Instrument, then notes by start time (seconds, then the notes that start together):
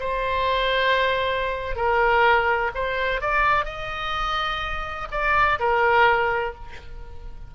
oboe
0.00 C5
1.76 A#4
2.74 C5
3.21 D5
3.65 D#5
5.11 D5
5.60 A#4